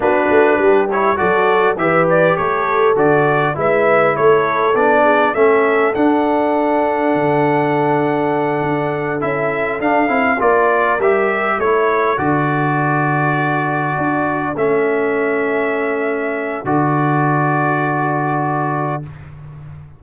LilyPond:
<<
  \new Staff \with { instrumentName = "trumpet" } { \time 4/4 \tempo 4 = 101 b'4. cis''8 d''4 e''8 d''8 | cis''4 d''4 e''4 cis''4 | d''4 e''4 fis''2~ | fis''2.~ fis''8 e''8~ |
e''8 f''4 d''4 e''4 cis''8~ | cis''8 d''2.~ d''8~ | d''8 e''2.~ e''8 | d''1 | }
  \new Staff \with { instrumentName = "horn" } { \time 4/4 fis'4 g'4 a'4 b'4 | a'2 b'4 a'4~ | a'8 gis'8 a'2.~ | a'1~ |
a'4. ais'2 a'8~ | a'1~ | a'1~ | a'1 | }
  \new Staff \with { instrumentName = "trombone" } { \time 4/4 d'4. e'8 fis'4 g'4~ | g'4 fis'4 e'2 | d'4 cis'4 d'2~ | d'2.~ d'8 e'8~ |
e'8 d'8 e'8 f'4 g'4 e'8~ | e'8 fis'2.~ fis'8~ | fis'8 cis'2.~ cis'8 | fis'1 | }
  \new Staff \with { instrumentName = "tuba" } { \time 4/4 b8 a8 g4 fis4 e4 | a4 d4 gis4 a4 | b4 a4 d'2 | d2~ d8 d'4 cis'8~ |
cis'8 d'8 c'8 ais4 g4 a8~ | a8 d2. d'8~ | d'8 a2.~ a8 | d1 | }
>>